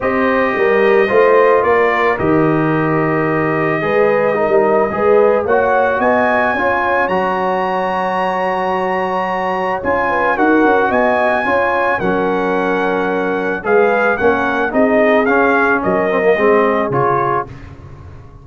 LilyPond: <<
  \new Staff \with { instrumentName = "trumpet" } { \time 4/4 \tempo 4 = 110 dis''2. d''4 | dis''1~ | dis''2 fis''4 gis''4~ | gis''4 ais''2.~ |
ais''2 gis''4 fis''4 | gis''2 fis''2~ | fis''4 f''4 fis''4 dis''4 | f''4 dis''2 cis''4 | }
  \new Staff \with { instrumentName = "horn" } { \time 4/4 c''4 ais'4 c''4 ais'4~ | ais'2. b'4 | ais'4 b'4 cis''4 dis''4 | cis''1~ |
cis''2~ cis''8 b'8 ais'4 | dis''4 cis''4 ais'2~ | ais'4 b'4 ais'4 gis'4~ | gis'4 ais'4 gis'2 | }
  \new Staff \with { instrumentName = "trombone" } { \time 4/4 g'2 f'2 | g'2. gis'4 | dis'4 gis'4 fis'2 | f'4 fis'2.~ |
fis'2 f'4 fis'4~ | fis'4 f'4 cis'2~ | cis'4 gis'4 cis'4 dis'4 | cis'4. c'16 ais16 c'4 f'4 | }
  \new Staff \with { instrumentName = "tuba" } { \time 4/4 c'4 g4 a4 ais4 | dis2. gis4~ | gis16 g8. gis4 ais4 b4 | cis'4 fis2.~ |
fis2 cis'4 dis'8 cis'8 | b4 cis'4 fis2~ | fis4 gis4 ais4 c'4 | cis'4 fis4 gis4 cis4 | }
>>